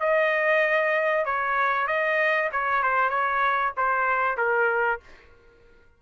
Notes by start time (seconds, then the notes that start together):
0.00 D#5
1.25 C#5
1.87 D#5
2.52 C#5
2.83 C5
3.10 C#5
3.77 C5
4.37 A#4